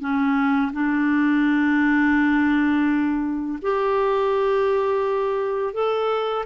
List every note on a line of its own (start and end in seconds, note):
0.00 0.71 C#4
0.73 3.58 D4
3.62 5.73 G4
5.73 6.45 A4